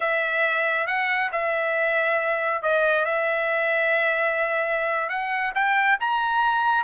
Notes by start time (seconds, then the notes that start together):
0.00 E5
0.87 F#5
1.32 E5
2.62 D#5
3.05 E5
5.09 F#5
5.54 G5
5.99 A#5